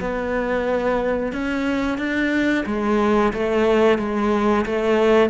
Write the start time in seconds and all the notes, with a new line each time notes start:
0.00 B3
1.32 C#4
1.98 D4
2.66 G#3
3.33 A3
3.98 G#3
4.65 A3